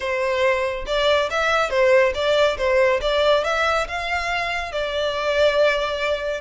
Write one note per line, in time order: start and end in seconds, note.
0.00 0.85 C5
0.86 1.29 D5
1.30 1.69 E5
1.69 2.12 C5
2.14 2.57 D5
2.57 3.00 C5
3.01 3.44 D5
3.44 3.87 E5
3.87 4.72 F5
4.72 6.41 D5